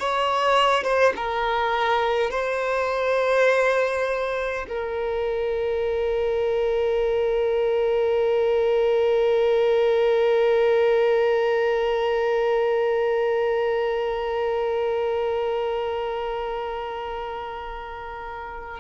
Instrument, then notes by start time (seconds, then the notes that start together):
violin
0.00 C#5
0.84 C5
1.17 A#4
2.31 C5
4.69 A#4